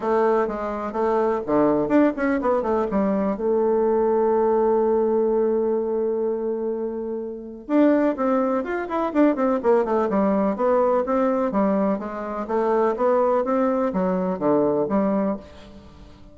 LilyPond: \new Staff \with { instrumentName = "bassoon" } { \time 4/4 \tempo 4 = 125 a4 gis4 a4 d4 | d'8 cis'8 b8 a8 g4 a4~ | a1~ | a1 |
d'4 c'4 f'8 e'8 d'8 c'8 | ais8 a8 g4 b4 c'4 | g4 gis4 a4 b4 | c'4 fis4 d4 g4 | }